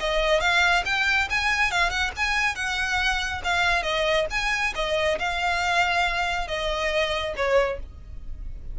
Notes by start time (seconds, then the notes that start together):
0.00 D#5
0.41 F5
0.86 G5
1.30 G#5
1.71 F5
1.90 F#5
2.17 G#5
2.56 F#5
3.44 F5
3.83 D#5
4.31 G#5
4.75 D#5
5.19 F5
6.48 D#5
7.37 C#5